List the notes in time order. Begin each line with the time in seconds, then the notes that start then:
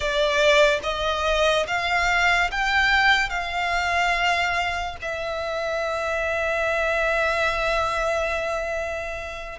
0.00 D5
0.83 D#5
1.67 F5
2.51 G5
3.29 F5
5.01 E5